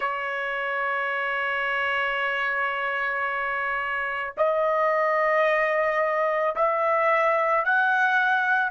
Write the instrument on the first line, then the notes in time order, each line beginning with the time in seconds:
trumpet
0.00 C#5
4.37 D#5
6.55 E5
7.65 F#5